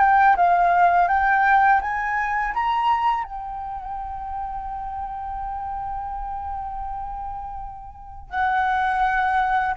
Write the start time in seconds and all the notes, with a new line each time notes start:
0.00 G5
0.37 F5
1.08 G5
1.81 G#5
2.54 A#5
3.24 G5
8.30 F#5